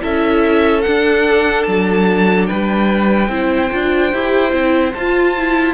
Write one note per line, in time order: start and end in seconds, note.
0.00 0.86 C#4
0.00 0.82 E4
0.00 2.49 A4
0.00 0.82 E5
0.82 3.30 D4
0.82 1.67 D4
0.82 1.63 F#5
1.63 2.50 F#3
1.63 2.46 A5
2.46 3.29 G3
2.46 3.31 B4
2.46 4.93 G5
3.29 3.70 C4
3.29 3.71 E4
3.29 5.74 C5
3.72 4.14 D4
3.72 4.13 F4
4.14 4.53 E4
4.14 4.52 G4
4.52 4.94 C4
4.52 4.93 E4
4.95 5.74 F4
4.95 5.38 F4
4.95 5.74 A5
5.38 5.74 E4